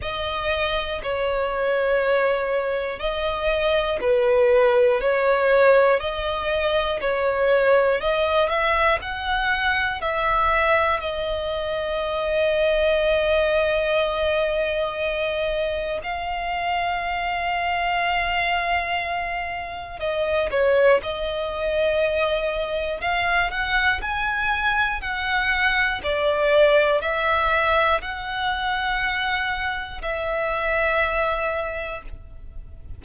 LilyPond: \new Staff \with { instrumentName = "violin" } { \time 4/4 \tempo 4 = 60 dis''4 cis''2 dis''4 | b'4 cis''4 dis''4 cis''4 | dis''8 e''8 fis''4 e''4 dis''4~ | dis''1 |
f''1 | dis''8 cis''8 dis''2 f''8 fis''8 | gis''4 fis''4 d''4 e''4 | fis''2 e''2 | }